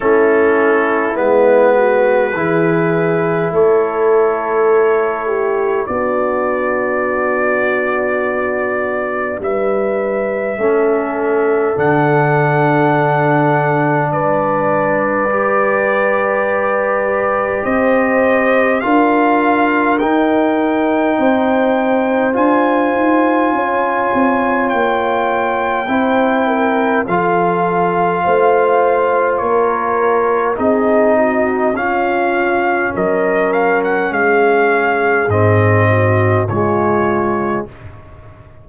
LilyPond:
<<
  \new Staff \with { instrumentName = "trumpet" } { \time 4/4 \tempo 4 = 51 a'4 b'2 cis''4~ | cis''4 d''2. | e''2 fis''2 | d''2. dis''4 |
f''4 g''2 gis''4~ | gis''4 g''2 f''4~ | f''4 cis''4 dis''4 f''4 | dis''8 f''16 fis''16 f''4 dis''4 cis''4 | }
  \new Staff \with { instrumentName = "horn" } { \time 4/4 e'4. fis'8 gis'4 a'4~ | a'8 g'8 fis'2. | b'4 a'2. | b'2. c''4 |
ais'2 c''2 | cis''2 c''8 ais'8 a'4 | c''4 ais'4 gis'8 fis'8 f'4 | ais'4 gis'4. fis'8 f'4 | }
  \new Staff \with { instrumentName = "trombone" } { \time 4/4 cis'4 b4 e'2~ | e'4 d'2.~ | d'4 cis'4 d'2~ | d'4 g'2. |
f'4 dis'2 f'4~ | f'2 e'4 f'4~ | f'2 dis'4 cis'4~ | cis'2 c'4 gis4 | }
  \new Staff \with { instrumentName = "tuba" } { \time 4/4 a4 gis4 e4 a4~ | a4 b2. | g4 a4 d2 | g2. c'4 |
d'4 dis'4 c'4 d'8 dis'8 | cis'8 c'8 ais4 c'4 f4 | a4 ais4 c'4 cis'4 | fis4 gis4 gis,4 cis4 | }
>>